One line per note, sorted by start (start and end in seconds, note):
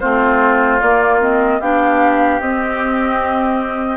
0.00 0.82 A3
0.00 0.81 C4
0.00 1.60 F4
0.00 0.80 C5
0.80 1.61 A#3
0.80 1.21 A#3
0.80 1.20 D5
1.21 1.61 C4
1.21 1.61 D#5
1.60 2.40 B3
1.60 2.41 D4
1.60 3.97 G4
1.60 2.41 F5
2.40 3.97 C4
2.40 3.97 D#5